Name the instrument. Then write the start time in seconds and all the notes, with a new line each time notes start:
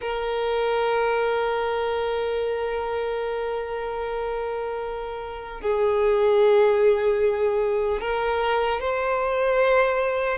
violin
0.01 A#4
5.61 G#4
8.00 A#4
8.80 C5